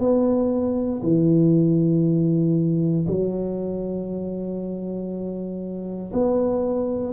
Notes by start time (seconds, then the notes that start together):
0.00 B3
1.03 E3
3.07 F#3
6.13 B3